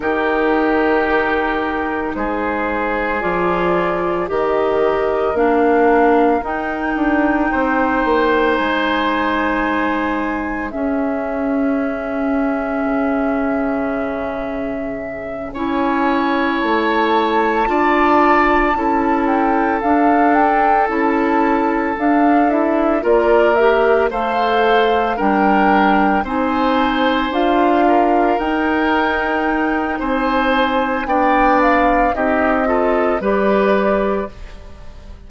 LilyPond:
<<
  \new Staff \with { instrumentName = "flute" } { \time 4/4 \tempo 4 = 56 ais'2 c''4 d''4 | dis''4 f''4 g''2 | gis''2 e''2~ | e''2~ e''8 gis''4 a''8~ |
a''2 g''8 f''8 g''8 a''8~ | a''8 f''8 e''8 d''8 e''8 f''4 g''8~ | g''8 gis''4 f''4 g''4. | gis''4 g''8 f''8 dis''4 d''4 | }
  \new Staff \with { instrumentName = "oboe" } { \time 4/4 g'2 gis'2 | ais'2. c''4~ | c''2 gis'2~ | gis'2~ gis'8 cis''4.~ |
cis''8 d''4 a'2~ a'8~ | a'4. ais'4 c''4 ais'8~ | ais'8 c''4. ais'2 | c''4 d''4 g'8 a'8 b'4 | }
  \new Staff \with { instrumentName = "clarinet" } { \time 4/4 dis'2. f'4 | g'4 d'4 dis'2~ | dis'2 cis'2~ | cis'2~ cis'8 e'4.~ |
e'8 f'4 e'4 d'4 e'8~ | e'8 d'8 e'8 f'8 g'8 a'4 d'8~ | d'8 dis'4 f'4 dis'4.~ | dis'4 d'4 dis'8 f'8 g'4 | }
  \new Staff \with { instrumentName = "bassoon" } { \time 4/4 dis2 gis4 f4 | dis4 ais4 dis'8 d'8 c'8 ais8 | gis2 cis'2 | cis2~ cis8 cis'4 a8~ |
a8 d'4 cis'4 d'4 cis'8~ | cis'8 d'4 ais4 a4 g8~ | g8 c'4 d'4 dis'4. | c'4 b4 c'4 g4 | }
>>